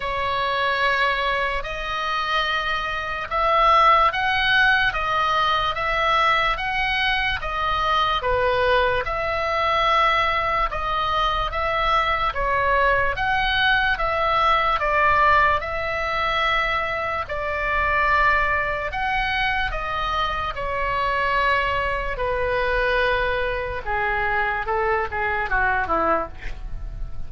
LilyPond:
\new Staff \with { instrumentName = "oboe" } { \time 4/4 \tempo 4 = 73 cis''2 dis''2 | e''4 fis''4 dis''4 e''4 | fis''4 dis''4 b'4 e''4~ | e''4 dis''4 e''4 cis''4 |
fis''4 e''4 d''4 e''4~ | e''4 d''2 fis''4 | dis''4 cis''2 b'4~ | b'4 gis'4 a'8 gis'8 fis'8 e'8 | }